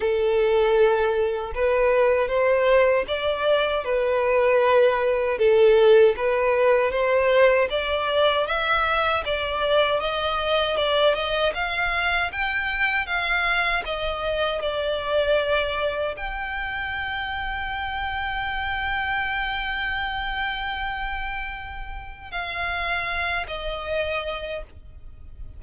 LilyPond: \new Staff \with { instrumentName = "violin" } { \time 4/4 \tempo 4 = 78 a'2 b'4 c''4 | d''4 b'2 a'4 | b'4 c''4 d''4 e''4 | d''4 dis''4 d''8 dis''8 f''4 |
g''4 f''4 dis''4 d''4~ | d''4 g''2.~ | g''1~ | g''4 f''4. dis''4. | }